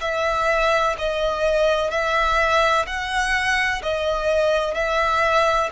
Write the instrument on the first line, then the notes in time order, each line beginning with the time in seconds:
violin
0.00 E5
0.98 D#5
1.90 E5
2.86 F#5
3.82 D#5
4.74 E5